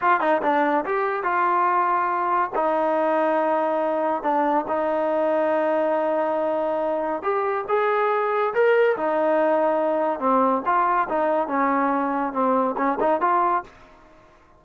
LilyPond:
\new Staff \with { instrumentName = "trombone" } { \time 4/4 \tempo 4 = 141 f'8 dis'8 d'4 g'4 f'4~ | f'2 dis'2~ | dis'2 d'4 dis'4~ | dis'1~ |
dis'4 g'4 gis'2 | ais'4 dis'2. | c'4 f'4 dis'4 cis'4~ | cis'4 c'4 cis'8 dis'8 f'4 | }